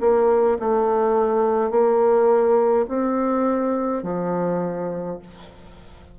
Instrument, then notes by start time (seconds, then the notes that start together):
bassoon
0.00 A#3
0.59 A3
1.70 A#3
2.88 C4
4.03 F3